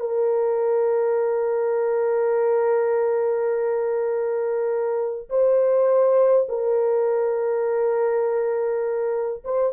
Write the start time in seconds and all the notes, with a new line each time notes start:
0.00 A#4
5.30 C5
6.49 A#4
9.44 C5